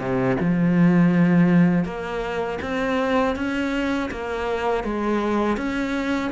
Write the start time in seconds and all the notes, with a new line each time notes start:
0.00 C3
0.41 F3
1.85 A#3
2.62 C4
3.36 C#4
4.11 A#3
4.84 G#3
5.57 C#4